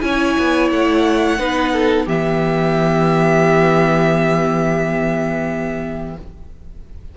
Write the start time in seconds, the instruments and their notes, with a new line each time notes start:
0.00 cello C#4, viola E4, violin C#5 G#5
0.38 cello B3
0.71 cello A3, violin F#5
1.38 cello B3, viola D#4, violin B4
1.73 violin A4
2.06 cello E3, viola B3, violin G4 E5